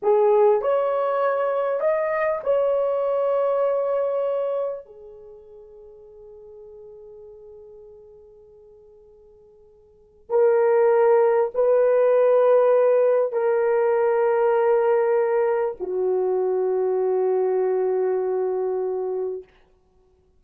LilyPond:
\new Staff \with { instrumentName = "horn" } { \time 4/4 \tempo 4 = 99 gis'4 cis''2 dis''4 | cis''1 | gis'1~ | gis'1~ |
gis'4 ais'2 b'4~ | b'2 ais'2~ | ais'2 fis'2~ | fis'1 | }